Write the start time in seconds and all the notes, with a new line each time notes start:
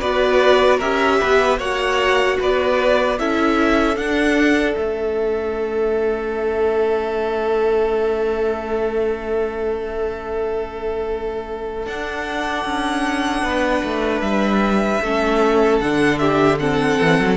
0.00 B3 F#4 B4 D5
0.77 C#4 G4 A#4 E5
1.20 B3 B4
1.58 A#3 F#4 C#5 F#5
2.39 B3 B4 D5
3.19 C#4 E4 A4 E5
3.96 D4 F#5
4.74 A3 C#4 E5
11.86 D4 F#5
12.64 C#4
13.42 B3 B4
13.83 A3
14.21 G3 E5
15.01 A3 C#4 A4
15.80 D3 D4 F#5
16.18 G4 E5
16.59 C4 A4 F#5
17.00 E3
17.19 F#3